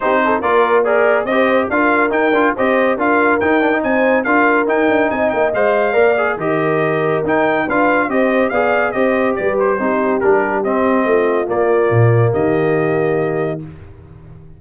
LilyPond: <<
  \new Staff \with { instrumentName = "trumpet" } { \time 4/4 \tempo 4 = 141 c''4 d''4 ais'4 dis''4 | f''4 g''4 dis''4 f''4 | g''4 gis''4 f''4 g''4 | gis''8 g''8 f''2 dis''4~ |
dis''4 g''4 f''4 dis''4 | f''4 dis''4 d''8 c''4. | ais'4 dis''2 d''4~ | d''4 dis''2. | }
  \new Staff \with { instrumentName = "horn" } { \time 4/4 g'8 a'8 ais'4 d''4 c''4 | ais'2 c''4 ais'4~ | ais'4 c''4 ais'2 | dis''2 d''4 ais'4~ |
ais'2 b'4 c''4 | d''4 c''4 b'4 g'4~ | g'2 f'2~ | f'4 g'2. | }
  \new Staff \with { instrumentName = "trombone" } { \time 4/4 dis'4 f'4 gis'4 g'4 | f'4 dis'8 f'8 g'4 f'4 | dis'8 d'16 dis'4~ dis'16 f'4 dis'4~ | dis'4 c''4 ais'8 gis'8 g'4~ |
g'4 dis'4 f'4 g'4 | gis'4 g'2 dis'4 | d'4 c'2 ais4~ | ais1 | }
  \new Staff \with { instrumentName = "tuba" } { \time 4/4 c'4 ais2 c'4 | d'4 dis'8 d'8 c'4 d'4 | dis'4 c'4 d'4 dis'8 d'8 | c'8 ais8 gis4 ais4 dis4~ |
dis4 dis'4 d'4 c'4 | b4 c'4 g4 c'4 | g4 c'4 a4 ais4 | ais,4 dis2. | }
>>